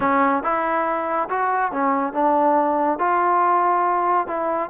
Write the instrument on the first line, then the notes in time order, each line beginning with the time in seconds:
trombone
0.00 C#4
0.43 E4
1.29 F#4
1.71 C#4
2.13 D4
2.98 F4
4.27 E4